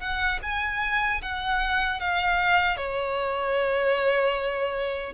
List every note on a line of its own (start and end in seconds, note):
0.00 0.39 F#5
0.43 1.22 G#5
1.22 2.00 F#5
2.00 2.77 F5
2.77 5.14 C#5